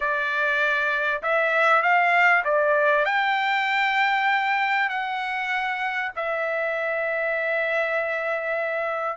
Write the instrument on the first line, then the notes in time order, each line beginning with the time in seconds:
trumpet
0.00 D5
1.22 E5
1.82 F5
2.44 D5
3.05 G5
4.89 F#5
6.15 E5